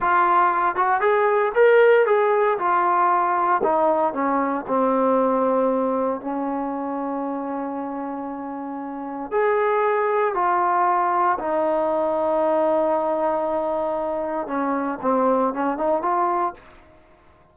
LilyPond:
\new Staff \with { instrumentName = "trombone" } { \time 4/4 \tempo 4 = 116 f'4. fis'8 gis'4 ais'4 | gis'4 f'2 dis'4 | cis'4 c'2. | cis'1~ |
cis'2 gis'2 | f'2 dis'2~ | dis'1 | cis'4 c'4 cis'8 dis'8 f'4 | }